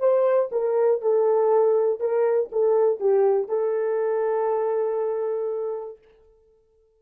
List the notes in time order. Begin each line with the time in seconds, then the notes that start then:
0.00 C5
0.52 A#4
1.02 A4
2.01 A#4
2.52 A4
3.01 G4
3.49 A4